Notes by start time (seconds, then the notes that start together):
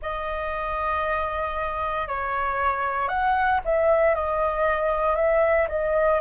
0.01 D#5
2.07 C#5
3.08 F#5
3.64 E5
4.14 D#5
5.15 E5
5.68 D#5